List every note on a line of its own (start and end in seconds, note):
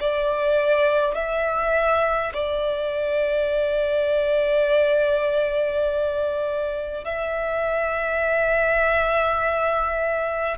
0.00 1.15 D5
1.15 2.33 E5
2.34 7.04 D5
7.04 10.57 E5